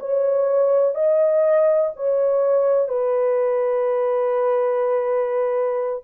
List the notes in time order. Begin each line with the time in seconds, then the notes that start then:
0.00 C#5
0.95 D#5
1.96 C#5
2.89 B4